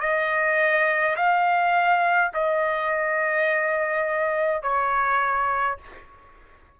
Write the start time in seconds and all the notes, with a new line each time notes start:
0.00 D#5
1.16 F5
2.34 D#5
4.62 C#5